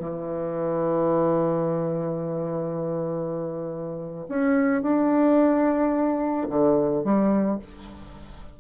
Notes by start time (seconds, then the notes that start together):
0.00 E3
4.29 C#4
4.82 D4
6.49 D3
7.04 G3